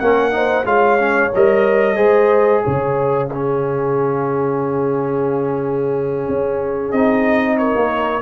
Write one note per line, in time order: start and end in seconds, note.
0.00 0.65 A#3
0.00 0.31 C#4
0.00 0.33 A#4
0.00 0.66 F#5
0.31 0.64 D#4
0.31 0.66 C5
0.65 1.31 G#3
0.65 0.99 F4
0.65 1.97 C#5
0.65 1.32 F5
0.99 1.32 C#4
1.35 1.98 G3
1.35 1.96 A#4
1.35 2.65 D#5
1.96 2.64 G#3
1.96 3.28 G#4
1.96 2.63 C5
2.64 6.29 C#3
2.64 3.29 C#5
2.64 6.91 F5
3.29 6.95 C#4
3.29 7.58 G#4
6.29 6.92 C#4
6.91 7.75 C4
6.91 8.22 D#4
6.91 7.57 D#5
7.58 8.22 A#4
7.58 8.22 C#5
7.76 8.22 A#3